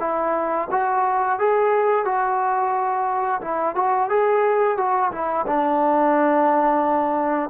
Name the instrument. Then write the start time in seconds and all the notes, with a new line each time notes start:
trombone
0.00 E4
0.71 F#4
1.39 G#4
2.05 F#4
3.41 E4
3.75 F#4
4.09 G#4
4.77 F#4
5.11 E4
5.47 D4